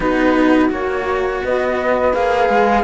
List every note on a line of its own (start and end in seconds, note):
0.00 0.70 B3
0.00 0.69 D#4
0.00 1.41 F#4
0.00 0.71 B4
0.69 1.42 A#3
0.69 2.12 F#4
0.69 1.43 C#5
1.43 2.13 B3
1.43 2.84 B4
1.43 2.14 D#5
2.13 2.49 A#3
2.13 2.84 G#4
2.13 2.84 F5
2.49 2.84 G#3